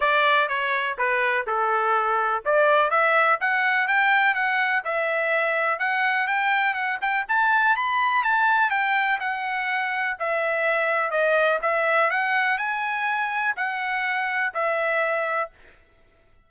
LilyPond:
\new Staff \with { instrumentName = "trumpet" } { \time 4/4 \tempo 4 = 124 d''4 cis''4 b'4 a'4~ | a'4 d''4 e''4 fis''4 | g''4 fis''4 e''2 | fis''4 g''4 fis''8 g''8 a''4 |
b''4 a''4 g''4 fis''4~ | fis''4 e''2 dis''4 | e''4 fis''4 gis''2 | fis''2 e''2 | }